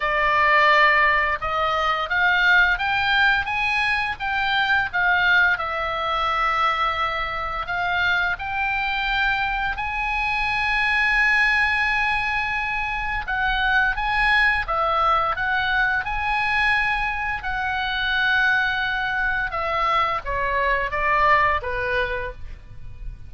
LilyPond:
\new Staff \with { instrumentName = "oboe" } { \time 4/4 \tempo 4 = 86 d''2 dis''4 f''4 | g''4 gis''4 g''4 f''4 | e''2. f''4 | g''2 gis''2~ |
gis''2. fis''4 | gis''4 e''4 fis''4 gis''4~ | gis''4 fis''2. | e''4 cis''4 d''4 b'4 | }